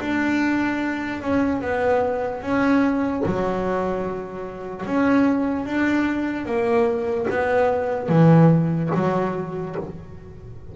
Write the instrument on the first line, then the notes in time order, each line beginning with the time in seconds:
double bass
0.00 D4
1.22 C#4
1.61 B3
2.42 C#4
3.26 F#3
4.86 C#4
5.66 D4
6.46 A#3
7.30 B3
8.09 E3
8.94 F#3